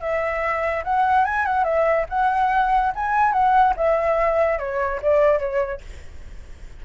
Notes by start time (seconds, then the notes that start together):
0.00 E5
0.84 F#5
1.25 G#5
1.45 F#5
1.64 E5
2.09 F#5
2.95 G#5
3.32 F#5
3.76 E5
4.59 C#5
5.02 D5
5.39 C#5